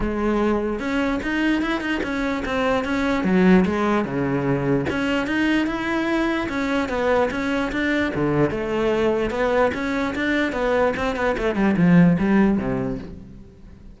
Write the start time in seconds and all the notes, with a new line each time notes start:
0.00 G#3
0.79 C#4
1.23 D#4
1.62 E4
1.80 D#4
2.03 C#4
2.45 C4
2.84 C#4
3.24 F#3
3.65 G#3
4.04 C#3
4.89 C#4
5.26 D#4
5.66 E4
6.49 C#4
6.88 B3
7.30 C#4
7.72 D4
8.14 D3
8.50 A3
9.30 B3
9.74 C#4
10.15 D4
10.52 B3
10.96 C4
11.15 B3
11.37 A3
11.55 G3
11.76 F3
12.19 G3
12.58 C3